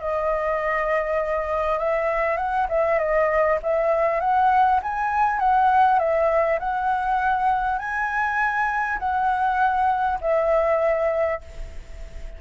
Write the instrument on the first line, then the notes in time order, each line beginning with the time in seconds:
flute
0.00 D#5
1.79 E5
2.37 F#5
2.69 E5
2.99 D#5
3.63 E5
4.21 F#5
4.83 G#5
5.40 F#5
5.99 E5
6.60 F#5
7.79 G#5
8.99 F#5
10.21 E5